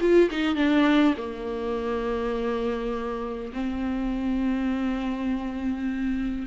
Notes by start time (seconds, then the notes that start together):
0.00 F4
0.30 D#4
0.55 D4
1.17 A#3
3.53 C4